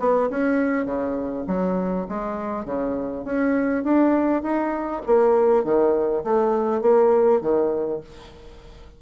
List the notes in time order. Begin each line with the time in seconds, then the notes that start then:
0.00 B3
0.31 C#4
0.86 C#3
1.48 F#3
2.09 G#3
2.66 C#3
3.25 C#4
3.85 D4
4.43 D#4
5.07 A#3
5.65 D#3
6.24 A3
6.82 A#3
7.41 D#3